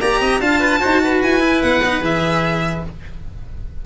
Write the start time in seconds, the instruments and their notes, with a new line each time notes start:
0.00 tuba A#3, cello G4, oboe D5, violin A#5
0.20 tuba C4, oboe D#5
0.40 tuba D4, cello F4, oboe F5, violin A5
0.59 oboe B4
0.79 tuba D#4, cello F#4, oboe C5
1.04 oboe B4
1.21 tuba E4, violin G#5
1.40 cello E4
1.62 tuba B3, violin F#5
1.84 cello D#4
2.00 tuba E3, cello G#4, violin E5